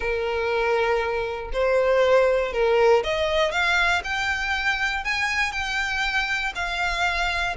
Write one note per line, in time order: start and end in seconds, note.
0.00 1.50 A#4
1.52 2.53 C5
2.53 3.03 A#4
3.03 3.51 D#5
3.51 4.02 F5
4.04 5.04 G5
5.04 5.52 G#5
5.52 6.52 G5
6.55 7.55 F5